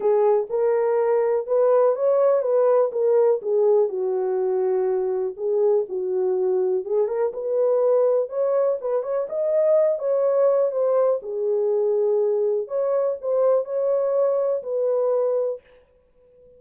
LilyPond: \new Staff \with { instrumentName = "horn" } { \time 4/4 \tempo 4 = 123 gis'4 ais'2 b'4 | cis''4 b'4 ais'4 gis'4 | fis'2. gis'4 | fis'2 gis'8 ais'8 b'4~ |
b'4 cis''4 b'8 cis''8 dis''4~ | dis''8 cis''4. c''4 gis'4~ | gis'2 cis''4 c''4 | cis''2 b'2 | }